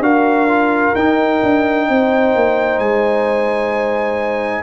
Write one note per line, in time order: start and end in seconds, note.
0.00 0.92 D4
0.00 0.49 F#4
0.00 1.88 A#4
0.00 0.96 F5
0.49 0.95 F4
0.95 1.42 D#4
0.95 4.64 D#4
0.95 2.79 G5
1.43 1.89 D4
1.89 2.36 C4
1.89 4.64 C5
2.36 2.79 A#3
2.79 4.64 G#3
2.79 4.64 G#5